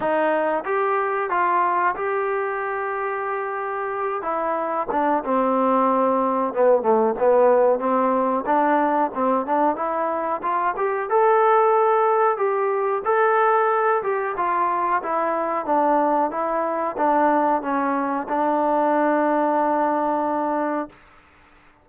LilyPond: \new Staff \with { instrumentName = "trombone" } { \time 4/4 \tempo 4 = 92 dis'4 g'4 f'4 g'4~ | g'2~ g'8 e'4 d'8 | c'2 b8 a8 b4 | c'4 d'4 c'8 d'8 e'4 |
f'8 g'8 a'2 g'4 | a'4. g'8 f'4 e'4 | d'4 e'4 d'4 cis'4 | d'1 | }